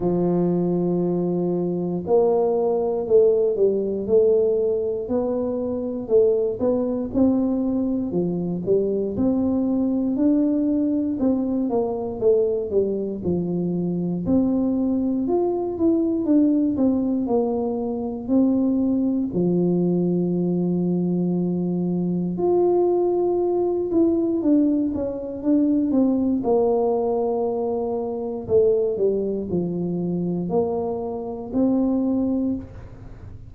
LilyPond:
\new Staff \with { instrumentName = "tuba" } { \time 4/4 \tempo 4 = 59 f2 ais4 a8 g8 | a4 b4 a8 b8 c'4 | f8 g8 c'4 d'4 c'8 ais8 | a8 g8 f4 c'4 f'8 e'8 |
d'8 c'8 ais4 c'4 f4~ | f2 f'4. e'8 | d'8 cis'8 d'8 c'8 ais2 | a8 g8 f4 ais4 c'4 | }